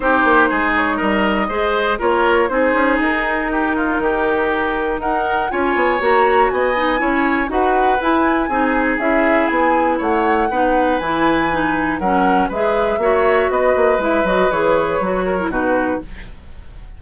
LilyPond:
<<
  \new Staff \with { instrumentName = "flute" } { \time 4/4 \tempo 4 = 120 c''4. cis''8 dis''2 | cis''4 c''4 ais'2~ | ais'2 fis''4 gis''4 | ais''4 gis''2 fis''4 |
gis''2 e''4 gis''4 | fis''2 gis''2 | fis''4 e''2 dis''4 | e''8 dis''8 cis''2 b'4 | }
  \new Staff \with { instrumentName = "oboe" } { \time 4/4 g'4 gis'4 ais'4 c''4 | ais'4 gis'2 g'8 f'8 | g'2 ais'4 cis''4~ | cis''4 dis''4 cis''4 b'4~ |
b'4 gis'2. | cis''4 b'2. | ais'4 b'4 cis''4 b'4~ | b'2~ b'8 ais'8 fis'4 | }
  \new Staff \with { instrumentName = "clarinet" } { \time 4/4 dis'2. gis'4 | f'4 dis'2.~ | dis'2. f'4 | fis'4. dis'8 e'4 fis'4 |
e'4 dis'4 e'2~ | e'4 dis'4 e'4 dis'4 | cis'4 gis'4 fis'2 | e'8 fis'8 gis'4 fis'8. e'16 dis'4 | }
  \new Staff \with { instrumentName = "bassoon" } { \time 4/4 c'8 ais8 gis4 g4 gis4 | ais4 c'8 cis'8 dis'2 | dis2 dis'4 cis'8 b8 | ais4 b4 cis'4 dis'4 |
e'4 c'4 cis'4 b4 | a4 b4 e2 | fis4 gis4 ais4 b8 ais8 | gis8 fis8 e4 fis4 b,4 | }
>>